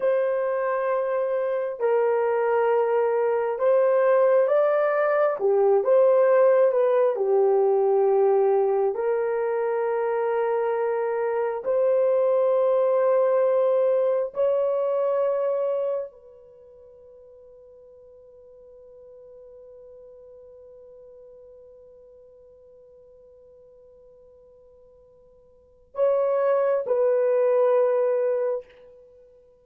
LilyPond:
\new Staff \with { instrumentName = "horn" } { \time 4/4 \tempo 4 = 67 c''2 ais'2 | c''4 d''4 g'8 c''4 b'8 | g'2 ais'2~ | ais'4 c''2. |
cis''2 b'2~ | b'1~ | b'1~ | b'4 cis''4 b'2 | }